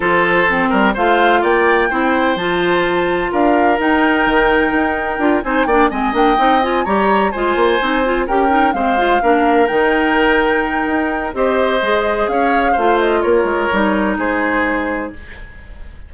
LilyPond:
<<
  \new Staff \with { instrumentName = "flute" } { \time 4/4 \tempo 4 = 127 c''2 f''4 g''4~ | g''4 a''2 f''4 | g''2.~ g''8 gis''8 | g''8 gis''8 g''4 gis''8 ais''4 gis''8~ |
gis''4. g''4 f''4.~ | f''8 g''2.~ g''8 | dis''2 f''4. dis''8 | cis''2 c''2 | }
  \new Staff \with { instrumentName = "oboe" } { \time 4/4 a'4. ais'8 c''4 d''4 | c''2. ais'4~ | ais'2.~ ais'8 c''8 | d''8 dis''2 cis''4 c''8~ |
c''4. ais'4 c''4 ais'8~ | ais'1 | c''2 cis''4 c''4 | ais'2 gis'2 | }
  \new Staff \with { instrumentName = "clarinet" } { \time 4/4 f'4 c'4 f'2 | e'4 f'2. | dis'2. f'8 dis'8 | d'8 c'8 d'8 dis'8 f'8 g'4 f'8~ |
f'8 dis'8 f'8 g'8 dis'8 c'8 f'8 d'8~ | d'8 dis'2.~ dis'8 | g'4 gis'2 f'4~ | f'4 dis'2. | }
  \new Staff \with { instrumentName = "bassoon" } { \time 4/4 f4. g8 a4 ais4 | c'4 f2 d'4 | dis'4 dis4 dis'4 d'8 c'8 | ais8 gis8 ais8 c'4 g4 gis8 |
ais8 c'4 cis'4 gis4 ais8~ | ais8 dis2~ dis8 dis'4 | c'4 gis4 cis'4 a4 | ais8 gis8 g4 gis2 | }
>>